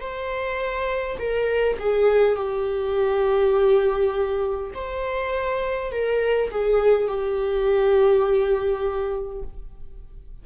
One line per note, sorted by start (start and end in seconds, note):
0.00 1.18 C5
1.19 1.78 A#4
1.79 2.35 G#4
2.35 4.71 G4
4.74 5.91 C5
5.91 6.50 A#4
6.51 7.07 G#4
7.07 9.43 G4